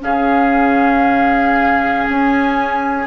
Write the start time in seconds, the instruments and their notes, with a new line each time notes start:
0.00 bassoon C#3, clarinet C#4, oboe G#4, flute F5
2.05 bassoon C#4, flute G#5